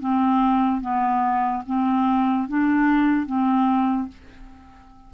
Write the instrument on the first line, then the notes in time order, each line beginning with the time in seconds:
clarinet
0.00 C4
0.81 B3
1.66 C4
2.48 D4
3.26 C4